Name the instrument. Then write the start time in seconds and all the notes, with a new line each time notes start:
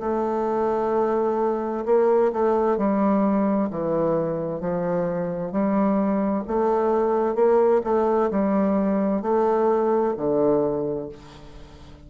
bassoon
0.00 A3
1.85 A#3
2.32 A3
2.77 G3
3.70 E3
4.60 F3
5.52 G3
6.47 A3
7.35 A#3
7.84 A3
8.30 G3
9.22 A3
10.17 D3